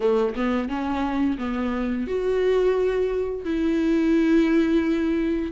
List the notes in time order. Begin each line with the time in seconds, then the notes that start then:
0.00 A3
0.35 B3
0.68 C#4
1.38 B3
2.07 F#4
3.45 E4